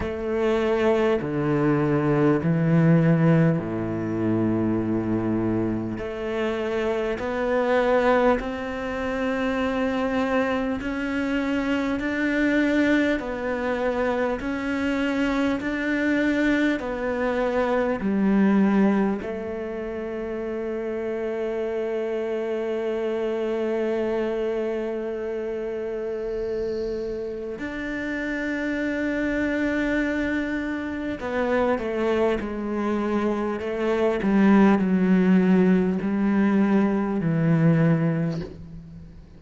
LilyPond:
\new Staff \with { instrumentName = "cello" } { \time 4/4 \tempo 4 = 50 a4 d4 e4 a,4~ | a,4 a4 b4 c'4~ | c'4 cis'4 d'4 b4 | cis'4 d'4 b4 g4 |
a1~ | a2. d'4~ | d'2 b8 a8 gis4 | a8 g8 fis4 g4 e4 | }